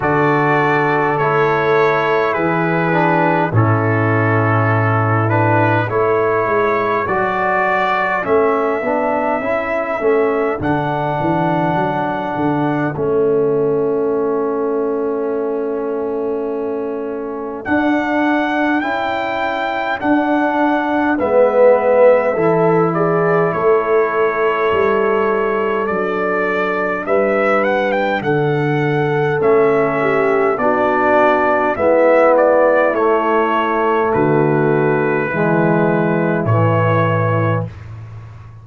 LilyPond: <<
  \new Staff \with { instrumentName = "trumpet" } { \time 4/4 \tempo 4 = 51 d''4 cis''4 b'4 a'4~ | a'8 b'8 cis''4 d''4 e''4~ | e''4 fis''2 e''4~ | e''2. fis''4 |
g''4 fis''4 e''4. d''8 | cis''2 d''4 e''8 fis''16 g''16 | fis''4 e''4 d''4 e''8 d''8 | cis''4 b'2 cis''4 | }
  \new Staff \with { instrumentName = "horn" } { \time 4/4 a'2 gis'4 e'4~ | e'4 a'2.~ | a'1~ | a'1~ |
a'2 b'4 a'8 gis'8 | a'2. b'4 | a'4. g'8 fis'4 e'4~ | e'4 fis'4 e'2 | }
  \new Staff \with { instrumentName = "trombone" } { \time 4/4 fis'4 e'4. d'8 cis'4~ | cis'8 d'8 e'4 fis'4 cis'8 d'8 | e'8 cis'8 d'2 cis'4~ | cis'2. d'4 |
e'4 d'4 b4 e'4~ | e'2 d'2~ | d'4 cis'4 d'4 b4 | a2 gis4 e4 | }
  \new Staff \with { instrumentName = "tuba" } { \time 4/4 d4 a4 e4 a,4~ | a,4 a8 gis8 fis4 a8 b8 | cis'8 a8 d8 e8 fis8 d8 a4~ | a2. d'4 |
cis'4 d'4 gis4 e4 | a4 g4 fis4 g4 | d4 a4 b4 gis4 | a4 d4 e4 a,4 | }
>>